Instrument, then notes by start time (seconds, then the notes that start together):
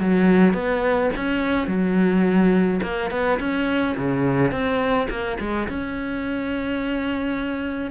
cello
0.00 F#3
0.54 B3
1.16 C#4
1.67 F#3
2.83 A#3
3.11 B3
3.39 C#4
3.97 C#3
4.51 C4
5.10 A#3
5.40 G#3
5.68 C#4